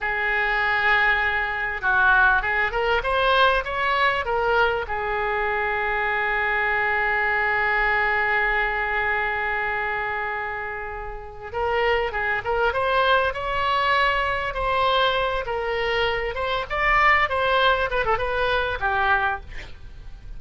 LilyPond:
\new Staff \with { instrumentName = "oboe" } { \time 4/4 \tempo 4 = 99 gis'2. fis'4 | gis'8 ais'8 c''4 cis''4 ais'4 | gis'1~ | gis'1~ |
gis'2. ais'4 | gis'8 ais'8 c''4 cis''2 | c''4. ais'4. c''8 d''8~ | d''8 c''4 b'16 a'16 b'4 g'4 | }